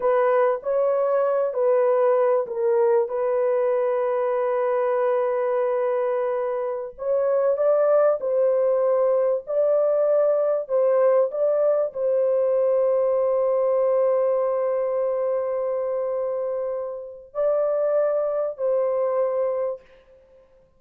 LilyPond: \new Staff \with { instrumentName = "horn" } { \time 4/4 \tempo 4 = 97 b'4 cis''4. b'4. | ais'4 b'2.~ | b'2.~ b'16 cis''8.~ | cis''16 d''4 c''2 d''8.~ |
d''4~ d''16 c''4 d''4 c''8.~ | c''1~ | c''1 | d''2 c''2 | }